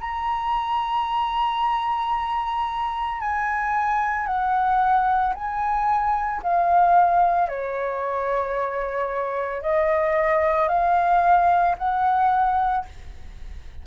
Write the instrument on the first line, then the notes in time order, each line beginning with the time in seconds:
flute
0.00 A#5
3.20 G#5
4.26 F#5
5.34 G#5
6.42 F5
7.48 C#5
9.62 D#5
10.68 F5
11.78 F#5